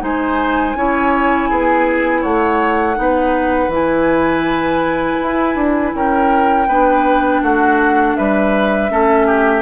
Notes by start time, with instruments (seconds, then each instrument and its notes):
0.00 bassoon G#3, clarinet D#4, oboe C5, flute G#5
0.75 bassoon C#4, clarinet E4, oboe C#5
1.49 bassoon B3, oboe G#4
2.21 bassoon A3, oboe C#5, flute F#5
2.95 bassoon B3, clarinet D#4
3.01 oboe B4
3.68 bassoon E3, clarinet E4
3.74 flute G#5
5.22 bassoon E4
5.55 bassoon D4
5.95 bassoon C#4, oboe A#4, flute G5
6.67 bassoon B3, clarinet D4, oboe B4
7.42 bassoon A3, oboe F#4, flute F#5
8.16 bassoon G3, oboe B4, flute E5
8.89 bassoon A3, clarinet C#4, oboe A4
9.26 oboe G4